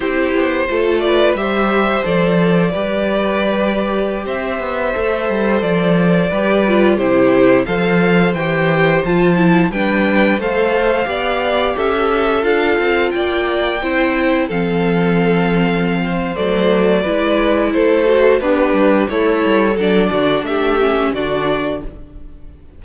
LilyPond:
<<
  \new Staff \with { instrumentName = "violin" } { \time 4/4 \tempo 4 = 88 c''4. d''8 e''4 d''4~ | d''2~ d''16 e''4.~ e''16~ | e''16 d''2 c''4 f''8.~ | f''16 g''4 a''4 g''4 f''8.~ |
f''4~ f''16 e''4 f''4 g''8.~ | g''4~ g''16 f''2~ f''8. | d''2 c''4 b'4 | cis''4 d''4 e''4 d''4 | }
  \new Staff \with { instrumentName = "violin" } { \time 4/4 g'4 a'8 b'8 c''2 | b'2~ b'16 c''4.~ c''16~ | c''4~ c''16 b'4 g'4 c''8.~ | c''2~ c''16 b'4 c''8.~ |
c''16 d''4 a'2 d''8.~ | d''16 c''4 a'2~ a'16 c''8~ | c''4 b'4 a'4 d'4 | e'4 a'8 fis'8 g'4 fis'4 | }
  \new Staff \with { instrumentName = "viola" } { \time 4/4 e'4 f'4 g'4 a'4 | g'2.~ g'16 a'8.~ | a'4~ a'16 g'8 f'8 e'4 a'8.~ | a'16 g'4 f'8 e'8 d'4 a'8.~ |
a'16 g'2 f'4.~ f'16~ | f'16 e'4 c'2~ c'8. | a4 e'4. fis'8 g'4 | a'4 d'4. cis'8 d'4 | }
  \new Staff \with { instrumentName = "cello" } { \time 4/4 c'8 b8 a4 g4 f4 | g2~ g16 c'8 b8 a8 g16~ | g16 f4 g4 c4 f8.~ | f16 e4 f4 g4 a8.~ |
a16 b4 cis'4 d'8 c'8 ais8.~ | ais16 c'4 f2~ f8. | fis4 gis4 a4 b8 g8 | a8 g8 fis8 d8 a4 d4 | }
>>